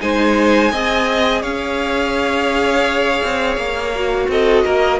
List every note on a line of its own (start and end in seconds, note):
0.00 0.72 G#3
0.00 0.71 D#4
0.00 0.71 C5
0.00 1.42 G#5
0.71 1.43 C4
0.71 3.94 G#4
0.71 1.41 D#5
1.41 3.21 C#4
1.41 4.27 C#5
1.41 4.28 F5
3.23 3.56 C4
3.56 4.28 A#3
3.95 4.99 F#4
4.28 4.64 C4
4.28 4.64 A4
4.28 4.99 D#5
4.64 4.99 A#3
4.64 4.99 A#4